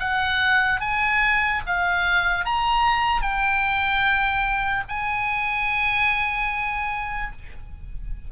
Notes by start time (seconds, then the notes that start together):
0.00 F#5
0.81 G#5
1.67 F5
2.45 A#5
3.22 G5
4.89 G#5